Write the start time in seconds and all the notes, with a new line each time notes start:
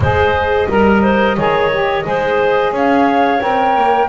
0.00 G#3 G#4 C5 D#5
0.68 G3 A#4
1.02 C5
1.36 D#3 G#4 C#5
1.71 G4
2.03 G#3 G#4 C5
2.71 C#4 C#5 F5
3.40 C4 A#4 G5
3.76 A#3